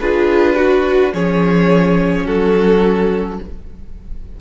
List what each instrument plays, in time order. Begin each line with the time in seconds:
0.00 cello D4, viola F4, violin G#4 B4
0.56 violin F#4, viola F#4
1.13 cello F3, viola C#4, violin G#4 C#5
2.25 cello F#3, violin F#4 A4